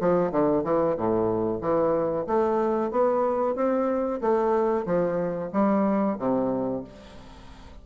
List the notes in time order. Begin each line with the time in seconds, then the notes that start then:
0.00 F3
0.31 D3
0.64 E3
0.97 A2
1.61 E3
2.26 A3
2.91 B3
3.55 C4
4.21 A3
4.85 F3
5.52 G3
6.18 C3